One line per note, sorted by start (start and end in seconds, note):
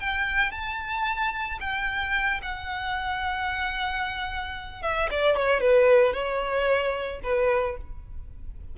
0.00 0.52 G5
0.52 1.59 A5
1.60 2.41 G5
2.42 4.83 F#5
4.83 5.09 E5
5.11 5.37 D5
5.37 5.61 C#5
5.61 6.14 B4
6.14 7.21 C#5
7.23 7.77 B4